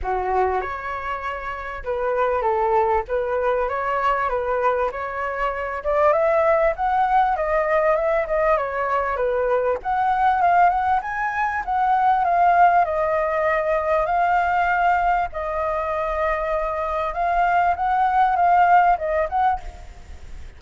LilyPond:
\new Staff \with { instrumentName = "flute" } { \time 4/4 \tempo 4 = 98 fis'4 cis''2 b'4 | a'4 b'4 cis''4 b'4 | cis''4. d''8 e''4 fis''4 | dis''4 e''8 dis''8 cis''4 b'4 |
fis''4 f''8 fis''8 gis''4 fis''4 | f''4 dis''2 f''4~ | f''4 dis''2. | f''4 fis''4 f''4 dis''8 fis''8 | }